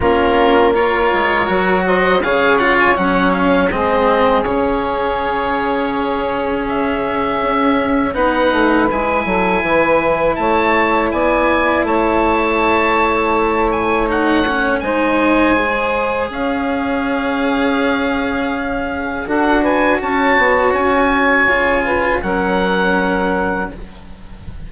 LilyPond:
<<
  \new Staff \with { instrumentName = "oboe" } { \time 4/4 \tempo 4 = 81 ais'4 cis''4. dis''8 f''8 fis''16 gis''16 | fis''8 f''8 dis''4 cis''2~ | cis''4 e''2 fis''4 | gis''2 a''4 gis''4 |
a''2~ a''8 gis''8 fis''4 | gis''2 f''2~ | f''2 fis''8 gis''8 a''4 | gis''2 fis''2 | }
  \new Staff \with { instrumentName = "saxophone" } { \time 4/4 f'4 ais'4. c''8 cis''4~ | cis''4 gis'2.~ | gis'2. b'4~ | b'8 a'8 b'4 cis''4 d''4 |
cis''1 | c''2 cis''2~ | cis''2 a'8 b'8 cis''4~ | cis''4. b'8 ais'2 | }
  \new Staff \with { instrumentName = "cello" } { \time 4/4 cis'4 f'4 fis'4 gis'8 f'8 | cis'4 c'4 cis'2~ | cis'2. dis'4 | e'1~ |
e'2. dis'8 cis'8 | dis'4 gis'2.~ | gis'2 fis'2~ | fis'4 f'4 cis'2 | }
  \new Staff \with { instrumentName = "bassoon" } { \time 4/4 ais4. gis8 fis4 cis4 | fis4 gis4 cis2~ | cis2 cis'4 b8 a8 | gis8 fis8 e4 a4 b4 |
a1 | gis2 cis'2~ | cis'2 d'4 cis'8 b8 | cis'4 cis4 fis2 | }
>>